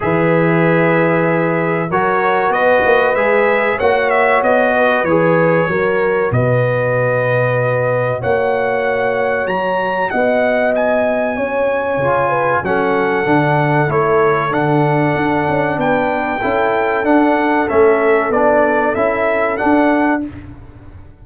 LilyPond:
<<
  \new Staff \with { instrumentName = "trumpet" } { \time 4/4 \tempo 4 = 95 e''2. cis''4 | dis''4 e''4 fis''8 e''8 dis''4 | cis''2 dis''2~ | dis''4 fis''2 ais''4 |
fis''4 gis''2. | fis''2 cis''4 fis''4~ | fis''4 g''2 fis''4 | e''4 d''4 e''4 fis''4 | }
  \new Staff \with { instrumentName = "horn" } { \time 4/4 b'2. ais'4 | b'2 cis''4. b'8~ | b'4 ais'4 b'2~ | b'4 cis''2. |
dis''2 cis''4. b'8 | a'1~ | a'4 b'4 a'2~ | a'1 | }
  \new Staff \with { instrumentName = "trombone" } { \time 4/4 gis'2. fis'4~ | fis'4 gis'4 fis'2 | gis'4 fis'2.~ | fis'1~ |
fis'2. f'4 | cis'4 d'4 e'4 d'4~ | d'2 e'4 d'4 | cis'4 d'4 e'4 d'4 | }
  \new Staff \with { instrumentName = "tuba" } { \time 4/4 e2. fis4 | b8 ais8 gis4 ais4 b4 | e4 fis4 b,2~ | b,4 ais2 fis4 |
b2 cis'4 cis4 | fis4 d4 a4 d4 | d'8 cis'8 b4 cis'4 d'4 | a4 b4 cis'4 d'4 | }
>>